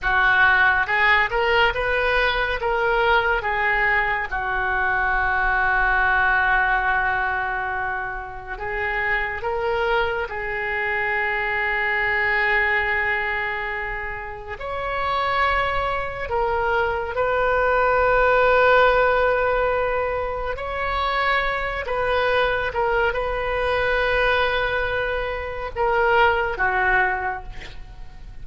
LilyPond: \new Staff \with { instrumentName = "oboe" } { \time 4/4 \tempo 4 = 70 fis'4 gis'8 ais'8 b'4 ais'4 | gis'4 fis'2.~ | fis'2 gis'4 ais'4 | gis'1~ |
gis'4 cis''2 ais'4 | b'1 | cis''4. b'4 ais'8 b'4~ | b'2 ais'4 fis'4 | }